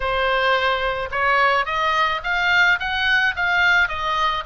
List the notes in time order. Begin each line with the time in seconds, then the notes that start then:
0.00 C5
1.11 C#5
1.65 D#5
2.23 F5
2.79 F#5
3.36 F5
3.88 D#5